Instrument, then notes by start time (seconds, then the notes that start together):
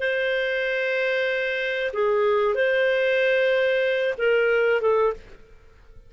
clarinet
0.00 C5
1.94 G#4
2.55 C5
4.18 A#4
4.81 A4